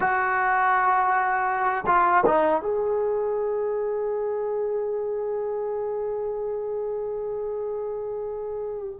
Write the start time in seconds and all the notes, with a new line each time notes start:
0.00 F#4
1.86 F4
2.26 D#4
2.61 G#4